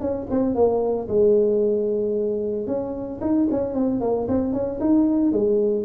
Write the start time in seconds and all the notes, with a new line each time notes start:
0.00 C#4
0.30 C4
0.55 A#3
1.08 G#3
2.67 C#4
3.21 D#4
3.51 C#4
3.74 C4
4.01 A#3
4.28 C4
4.53 C#4
4.80 D#4
5.32 G#3